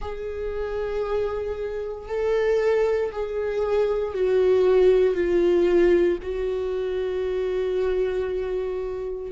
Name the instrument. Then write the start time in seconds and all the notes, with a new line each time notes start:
viola
0.00 G#4
2.08 A4
3.12 G#4
4.14 F#4
5.14 F4
6.22 F#4